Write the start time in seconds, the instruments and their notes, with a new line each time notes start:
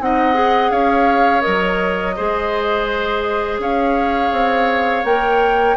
0.00 bassoon C4, clarinet D#4, oboe D#5, flute F#5
0.34 clarinet G#4
0.71 bassoon C#4, oboe C#5, flute F5
1.41 bassoon F#3, clarinet A#4, flute D#5
2.16 bassoon G#3, clarinet G#4, oboe C5
3.59 bassoon C#4, oboe C#5, flute F5
4.32 bassoon C4
5.04 bassoon A#3, clarinet A#4, flute G5